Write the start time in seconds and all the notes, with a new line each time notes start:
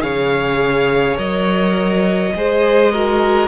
0.00 C#3 G#4 C#5 F5
1.15 F#3 A#4 D#5
2.35 G#3 G#4 C5
2.92 F#4 A#4